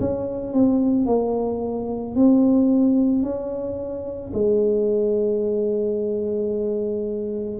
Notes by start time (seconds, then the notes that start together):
0.00 C#4
0.53 C4
1.06 A#3
2.15 C4
3.22 C#4
4.33 G#3